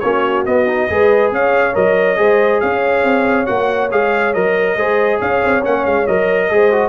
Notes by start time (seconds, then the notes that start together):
0.00 A#3 C#4 F#4 C#5
0.45 B3 D#5
0.67 D#4
0.89 G#3 G#4 B4
1.31 C#4 C#5 F5
1.73 F#3 A#4 D#5
2.16 G#3 G#4 C5
2.60 C#4 C#5 F5
3.03 C4
3.46 A#3 F#4 F#5
3.91 G#3 G#4 F5
4.33 F#3 A#4 D#5
4.76 G#3 G#4 C5
5.19 C#4 C#5 F5
5.44 C4
5.62 A#3 C#4 F#5
5.85 G#3 F5
6.06 F#3 A#4 D#5
6.50 G#3 G#4 C5
6.72 F#4